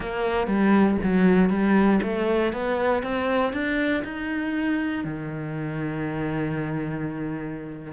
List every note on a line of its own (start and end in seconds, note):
0.00 0.47 A#3
0.47 0.97 G3
1.03 1.49 F#3
1.49 2.00 G3
2.02 2.52 A3
2.52 3.03 B3
3.03 3.52 C4
3.52 4.03 D4
4.04 5.04 D#4
5.04 7.92 D#3